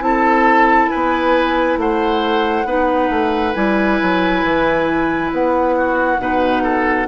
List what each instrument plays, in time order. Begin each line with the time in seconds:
0.00 bassoon C4, clarinet E4, oboe A4, flute A5
0.89 bassoon B3, oboe B4, flute G#5
1.77 bassoon A3, oboe C5, flute F#5
2.65 bassoon B3, clarinet D#4, oboe B4
3.09 bassoon A3
3.54 bassoon G3, clarinet E4, flute G#5
4.02 bassoon F#3
4.43 bassoon E3
5.32 bassoon B3, flute F#5
5.77 oboe F#4
6.18 bassoon B2, clarinet D#4, oboe B4
6.63 oboe A4